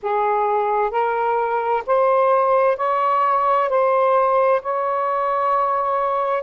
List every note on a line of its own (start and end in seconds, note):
0.02 0.91 G#4
0.91 1.83 A#4
1.86 2.77 C5
2.77 3.69 C#5
3.69 4.61 C5
4.62 6.43 C#5